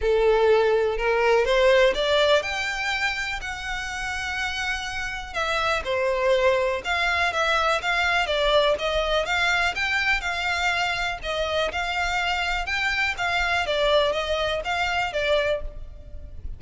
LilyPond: \new Staff \with { instrumentName = "violin" } { \time 4/4 \tempo 4 = 123 a'2 ais'4 c''4 | d''4 g''2 fis''4~ | fis''2. e''4 | c''2 f''4 e''4 |
f''4 d''4 dis''4 f''4 | g''4 f''2 dis''4 | f''2 g''4 f''4 | d''4 dis''4 f''4 d''4 | }